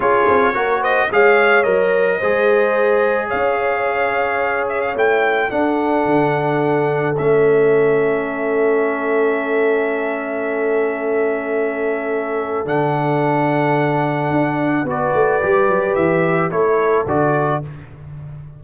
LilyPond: <<
  \new Staff \with { instrumentName = "trumpet" } { \time 4/4 \tempo 4 = 109 cis''4. dis''8 f''4 dis''4~ | dis''2 f''2~ | f''8 e''16 f''16 g''4 fis''2~ | fis''4 e''2.~ |
e''1~ | e''2. fis''4~ | fis''2. d''4~ | d''4 e''4 cis''4 d''4 | }
  \new Staff \with { instrumentName = "horn" } { \time 4/4 gis'4 ais'8 c''8 cis''2 | c''2 cis''2~ | cis''2 a'2~ | a'1~ |
a'1~ | a'1~ | a'2. b'4~ | b'2 a'2 | }
  \new Staff \with { instrumentName = "trombone" } { \time 4/4 f'4 fis'4 gis'4 ais'4 | gis'1~ | gis'4 e'4 d'2~ | d'4 cis'2.~ |
cis'1~ | cis'2. d'4~ | d'2. fis'4 | g'2 e'4 fis'4 | }
  \new Staff \with { instrumentName = "tuba" } { \time 4/4 cis'8 c'8 ais4 gis4 fis4 | gis2 cis'2~ | cis'4 a4 d'4 d4~ | d4 a2.~ |
a1~ | a2. d4~ | d2 d'4 b8 a8 | g8 fis8 e4 a4 d4 | }
>>